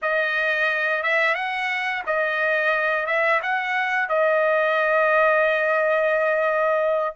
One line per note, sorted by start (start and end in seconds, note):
0.02 1.03 D#5
1.03 1.34 E5
1.34 2.02 F#5
2.06 3.06 D#5
3.06 3.40 E5
3.42 4.08 F#5
4.08 7.15 D#5